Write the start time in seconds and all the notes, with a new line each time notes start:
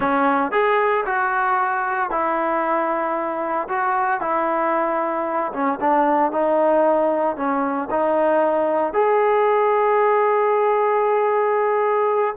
0.00 C#4
0.51 G#4
1.05 F#4
2.10 E4
3.68 F#4
4.20 E4
5.52 C#4
5.80 D4
6.31 D#4
7.36 C#4
7.90 D#4
8.93 G#4